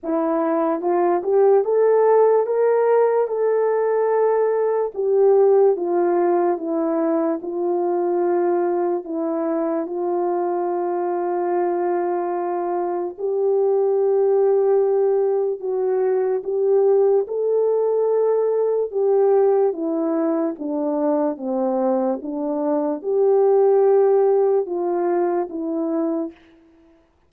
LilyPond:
\new Staff \with { instrumentName = "horn" } { \time 4/4 \tempo 4 = 73 e'4 f'8 g'8 a'4 ais'4 | a'2 g'4 f'4 | e'4 f'2 e'4 | f'1 |
g'2. fis'4 | g'4 a'2 g'4 | e'4 d'4 c'4 d'4 | g'2 f'4 e'4 | }